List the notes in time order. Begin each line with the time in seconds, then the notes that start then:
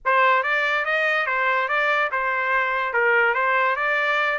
0.05 C5
0.43 D5
0.85 D#5
1.26 C5
1.68 D5
2.11 C5
2.93 A#4
3.34 C5
3.76 D5